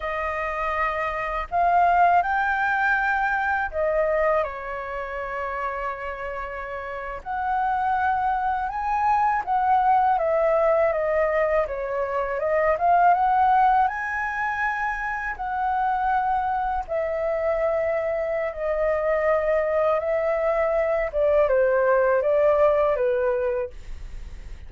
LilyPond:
\new Staff \with { instrumentName = "flute" } { \time 4/4 \tempo 4 = 81 dis''2 f''4 g''4~ | g''4 dis''4 cis''2~ | cis''4.~ cis''16 fis''2 gis''16~ | gis''8. fis''4 e''4 dis''4 cis''16~ |
cis''8. dis''8 f''8 fis''4 gis''4~ gis''16~ | gis''8. fis''2 e''4~ e''16~ | e''4 dis''2 e''4~ | e''8 d''8 c''4 d''4 b'4 | }